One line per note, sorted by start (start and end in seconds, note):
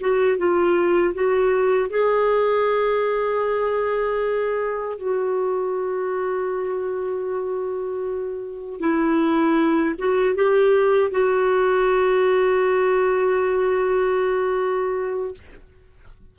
0.00 0.38 F#4
0.38 1.14 F4
1.14 1.90 F#4
1.90 4.98 G#4
4.98 8.80 F#4
8.80 9.95 E4
9.99 10.35 F#4
10.35 11.11 G4
11.11 15.34 F#4